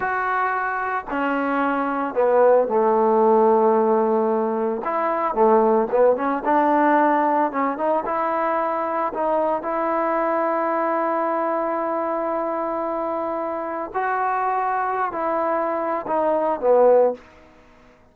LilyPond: \new Staff \with { instrumentName = "trombone" } { \time 4/4 \tempo 4 = 112 fis'2 cis'2 | b4 a2.~ | a4 e'4 a4 b8 cis'8 | d'2 cis'8 dis'8 e'4~ |
e'4 dis'4 e'2~ | e'1~ | e'2 fis'2~ | fis'16 e'4.~ e'16 dis'4 b4 | }